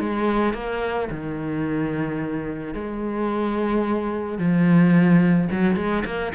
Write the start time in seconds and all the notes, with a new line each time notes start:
0.00 G#3
0.54 A#3
1.11 D#3
2.74 G#3
4.39 F3
5.51 F#3
5.77 G#3
6.06 A#3